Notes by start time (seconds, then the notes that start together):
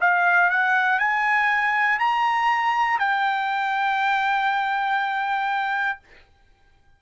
0.00 F5
0.50 F#5
0.99 G#5
1.99 A#5
2.99 G5